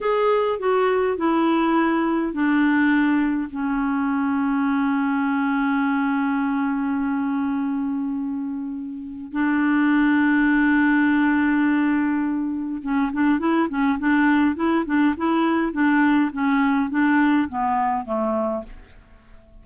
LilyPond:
\new Staff \with { instrumentName = "clarinet" } { \time 4/4 \tempo 4 = 103 gis'4 fis'4 e'2 | d'2 cis'2~ | cis'1~ | cis'1 |
d'1~ | d'2 cis'8 d'8 e'8 cis'8 | d'4 e'8 d'8 e'4 d'4 | cis'4 d'4 b4 a4 | }